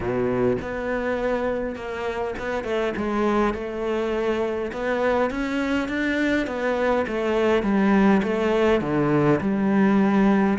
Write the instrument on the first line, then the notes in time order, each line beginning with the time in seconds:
cello
0.00 B2
0.61 B3
1.75 A#3
2.39 B3
2.63 A3
2.97 G#3
3.53 A3
4.72 B3
5.30 C#4
5.88 D4
6.46 B3
7.07 A3
7.63 G3
8.22 A3
8.81 D3
9.40 G3